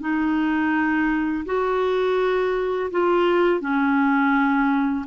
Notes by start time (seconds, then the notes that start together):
0.00 D#4
1.45 F#4
2.91 F4
3.60 C#4